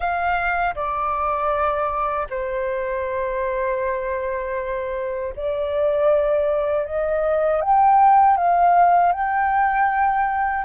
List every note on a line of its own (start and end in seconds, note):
0.00 0.75 F5
0.75 2.27 D5
2.30 5.33 C5
5.35 6.85 D5
6.85 7.61 D#5
7.61 8.36 G5
8.36 9.12 F5
9.12 10.64 G5